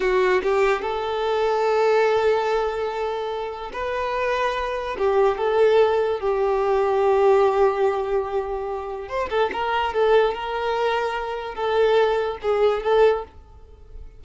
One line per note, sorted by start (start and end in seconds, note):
0.00 0.41 F#4
0.43 0.81 G4
0.81 3.71 A4
3.72 4.97 B4
4.98 5.37 G4
5.37 6.20 A4
6.20 9.08 G4
9.08 9.29 C5
9.29 9.50 A4
9.52 9.93 A#4
9.93 10.34 A4
10.34 11.54 A#4
11.54 12.37 A4
12.42 12.83 G#4
12.83 13.24 A4